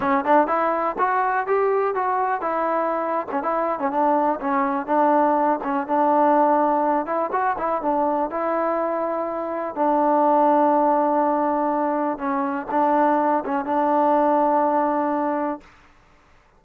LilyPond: \new Staff \with { instrumentName = "trombone" } { \time 4/4 \tempo 4 = 123 cis'8 d'8 e'4 fis'4 g'4 | fis'4 e'4.~ e'16 cis'16 e'8. cis'16 | d'4 cis'4 d'4. cis'8 | d'2~ d'8 e'8 fis'8 e'8 |
d'4 e'2. | d'1~ | d'4 cis'4 d'4. cis'8 | d'1 | }